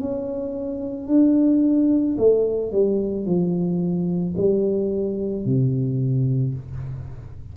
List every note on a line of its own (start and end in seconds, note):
0.00 1.07 C#4
1.07 2.16 D4
2.18 2.72 A3
2.72 3.26 G3
3.26 4.35 F3
4.37 5.45 G3
5.45 6.55 C3